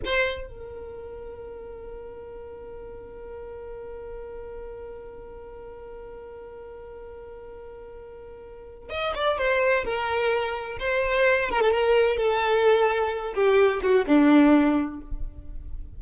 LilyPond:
\new Staff \with { instrumentName = "violin" } { \time 4/4 \tempo 4 = 128 c''4 ais'2.~ | ais'1~ | ais'1~ | ais'1~ |
ais'2. dis''8 d''8 | c''4 ais'2 c''4~ | c''8 ais'16 a'16 ais'4 a'2~ | a'8 g'4 fis'8 d'2 | }